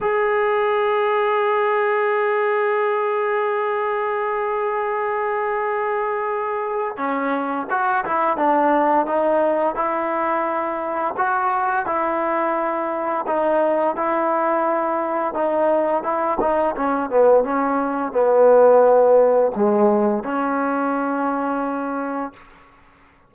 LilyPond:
\new Staff \with { instrumentName = "trombone" } { \time 4/4 \tempo 4 = 86 gis'1~ | gis'1~ | gis'2 cis'4 fis'8 e'8 | d'4 dis'4 e'2 |
fis'4 e'2 dis'4 | e'2 dis'4 e'8 dis'8 | cis'8 b8 cis'4 b2 | gis4 cis'2. | }